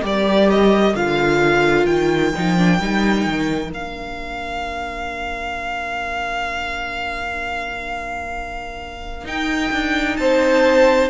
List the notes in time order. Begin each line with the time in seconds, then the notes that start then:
0.00 G3 G4 A#4
0.06 D5
0.50 D#5
0.94 D3 F4 F5
1.86 D#3 G5
2.35 F3 D#4
2.57 D4
2.80 G3 D#4
3.26 D#3
3.70 A#3 D4 F5
9.24 D#4 G5
9.72 D4
10.17 C4 C5 A5